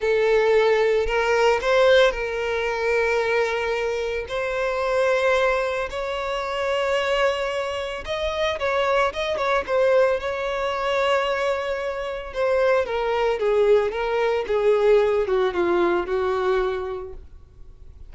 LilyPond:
\new Staff \with { instrumentName = "violin" } { \time 4/4 \tempo 4 = 112 a'2 ais'4 c''4 | ais'1 | c''2. cis''4~ | cis''2. dis''4 |
cis''4 dis''8 cis''8 c''4 cis''4~ | cis''2. c''4 | ais'4 gis'4 ais'4 gis'4~ | gis'8 fis'8 f'4 fis'2 | }